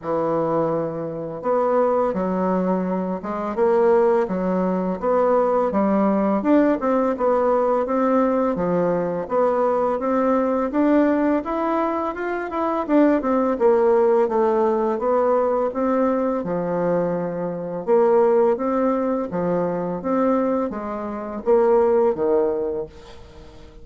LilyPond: \new Staff \with { instrumentName = "bassoon" } { \time 4/4 \tempo 4 = 84 e2 b4 fis4~ | fis8 gis8 ais4 fis4 b4 | g4 d'8 c'8 b4 c'4 | f4 b4 c'4 d'4 |
e'4 f'8 e'8 d'8 c'8 ais4 | a4 b4 c'4 f4~ | f4 ais4 c'4 f4 | c'4 gis4 ais4 dis4 | }